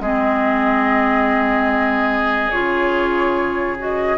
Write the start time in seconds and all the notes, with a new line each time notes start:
0.00 G#3 C4 G#4 D#5
2.51 C#3 F4 C#5
3.78 F#4 D#5